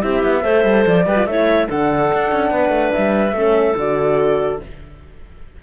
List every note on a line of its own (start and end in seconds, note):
0.00 0.24 C4
0.00 0.42 E4
0.00 0.42 G4
0.00 0.85 E5
0.24 0.44 B3
0.42 0.64 A3
0.42 1.06 A4
0.42 1.05 C5
0.64 0.85 G3
0.87 1.06 F3
0.87 1.26 D5
1.06 1.26 G3
1.06 1.17 G4
1.06 1.28 B4
1.17 1.27 F4
1.26 1.68 A3
1.26 1.67 E4
1.26 1.68 C#5
1.26 1.68 E5
1.67 2.12 D3
1.67 3.34 D4
1.67 2.51 A4
1.67 2.92 F#5
2.13 2.32 D4
2.32 2.51 C#4
2.51 2.70 B3
2.51 3.37 B4
2.70 2.91 A3
2.92 3.32 G3
2.92 3.76 E5
3.32 3.74 A3
3.32 3.77 C#4
3.32 4.63 A4
3.76 4.60 D3
3.76 4.62 F#4
3.76 4.62 D5